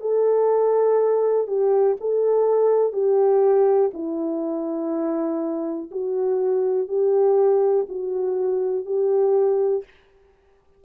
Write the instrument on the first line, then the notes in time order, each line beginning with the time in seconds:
horn
0.00 A4
1.47 G4
2.00 A4
2.92 G4
3.93 E4
5.91 F#4
6.88 G4
7.88 F#4
8.85 G4